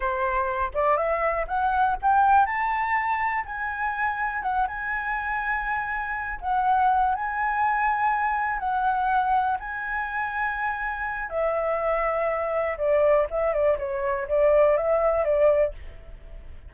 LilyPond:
\new Staff \with { instrumentName = "flute" } { \time 4/4 \tempo 4 = 122 c''4. d''8 e''4 fis''4 | g''4 a''2 gis''4~ | gis''4 fis''8 gis''2~ gis''8~ | gis''4 fis''4. gis''4.~ |
gis''4. fis''2 gis''8~ | gis''2. e''4~ | e''2 d''4 e''8 d''8 | cis''4 d''4 e''4 d''4 | }